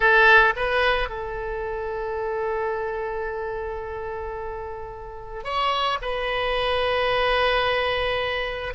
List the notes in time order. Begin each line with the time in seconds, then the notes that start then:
0.00 A4
0.56 B4
1.09 A4
5.43 C#5
6.01 B4